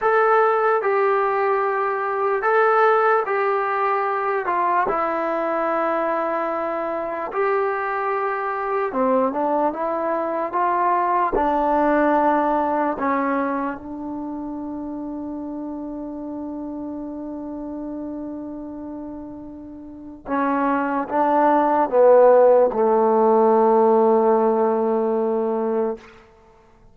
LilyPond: \new Staff \with { instrumentName = "trombone" } { \time 4/4 \tempo 4 = 74 a'4 g'2 a'4 | g'4. f'8 e'2~ | e'4 g'2 c'8 d'8 | e'4 f'4 d'2 |
cis'4 d'2.~ | d'1~ | d'4 cis'4 d'4 b4 | a1 | }